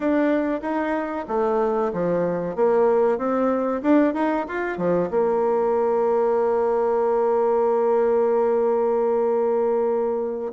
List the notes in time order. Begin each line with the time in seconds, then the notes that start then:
0.00 D4
0.61 D#4
1.28 A3
1.93 F3
2.55 A#3
3.17 C4
3.82 D4
4.14 D#4
4.47 F4
4.77 F3
5.10 A#3